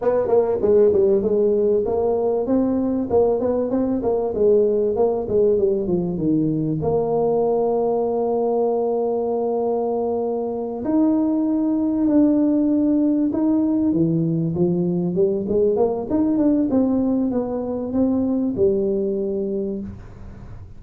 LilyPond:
\new Staff \with { instrumentName = "tuba" } { \time 4/4 \tempo 4 = 97 b8 ais8 gis8 g8 gis4 ais4 | c'4 ais8 b8 c'8 ais8 gis4 | ais8 gis8 g8 f8 dis4 ais4~ | ais1~ |
ais4. dis'2 d'8~ | d'4. dis'4 e4 f8~ | f8 g8 gis8 ais8 dis'8 d'8 c'4 | b4 c'4 g2 | }